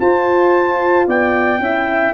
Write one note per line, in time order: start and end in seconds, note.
0.00 1.08 F4
0.00 1.60 F4
0.00 1.06 C5
0.00 1.07 A5
1.06 1.59 B3
1.06 1.60 D5
1.06 2.14 G5
1.59 2.13 C#4
1.59 2.14 E4
1.59 2.14 E5